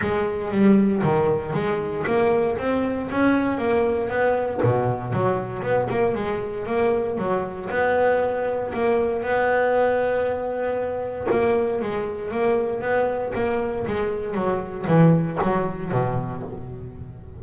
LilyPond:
\new Staff \with { instrumentName = "double bass" } { \time 4/4 \tempo 4 = 117 gis4 g4 dis4 gis4 | ais4 c'4 cis'4 ais4 | b4 b,4 fis4 b8 ais8 | gis4 ais4 fis4 b4~ |
b4 ais4 b2~ | b2 ais4 gis4 | ais4 b4 ais4 gis4 | fis4 e4 fis4 b,4 | }